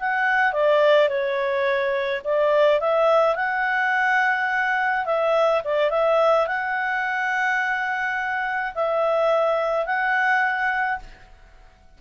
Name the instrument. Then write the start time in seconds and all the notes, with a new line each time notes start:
clarinet
0.00 F#5
0.53 D5
1.09 C#5
2.25 D5
2.81 E5
3.36 F#5
5.06 E5
5.64 D5
5.91 E5
6.48 F#5
8.75 E5
9.86 F#5